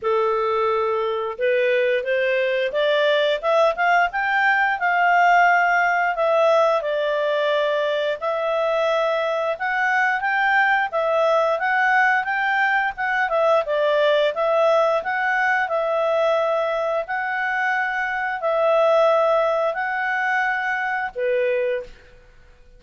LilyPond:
\new Staff \with { instrumentName = "clarinet" } { \time 4/4 \tempo 4 = 88 a'2 b'4 c''4 | d''4 e''8 f''8 g''4 f''4~ | f''4 e''4 d''2 | e''2 fis''4 g''4 |
e''4 fis''4 g''4 fis''8 e''8 | d''4 e''4 fis''4 e''4~ | e''4 fis''2 e''4~ | e''4 fis''2 b'4 | }